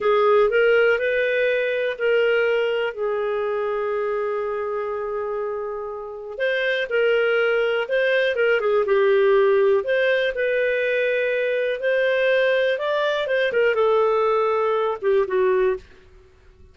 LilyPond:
\new Staff \with { instrumentName = "clarinet" } { \time 4/4 \tempo 4 = 122 gis'4 ais'4 b'2 | ais'2 gis'2~ | gis'1~ | gis'4 c''4 ais'2 |
c''4 ais'8 gis'8 g'2 | c''4 b'2. | c''2 d''4 c''8 ais'8 | a'2~ a'8 g'8 fis'4 | }